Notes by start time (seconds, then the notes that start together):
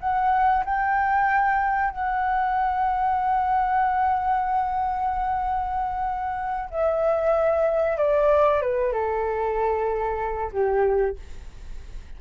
0.00 F#5
0.64 G5
1.91 F#5
6.70 E5
7.98 D5
8.61 B4
8.92 A4
10.52 G4